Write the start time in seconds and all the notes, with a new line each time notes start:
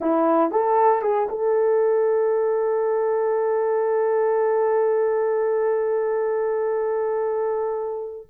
0.00 E4
0.51 A4
1.02 G#4
1.29 A4